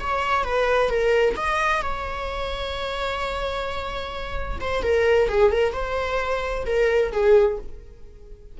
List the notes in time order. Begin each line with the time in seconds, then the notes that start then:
0.00 C#5
0.44 B4
0.89 A#4
1.36 D#5
1.82 C#5
4.60 C5
4.83 A#4
5.28 G#4
5.51 A#4
5.73 C5
6.66 A#4
7.12 G#4